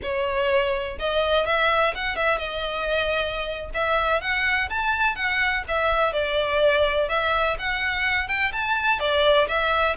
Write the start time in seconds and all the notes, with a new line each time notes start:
0.02 C#5
0.98 D#5
1.46 E5
1.94 F#5
2.16 E5
2.38 D#5
3.74 E5
4.21 F#5
4.69 A5
5.15 F#5
5.68 E5
6.12 D5
7.08 E5
7.58 F#5
8.28 G5
8.52 A5
8.99 D5
9.48 E5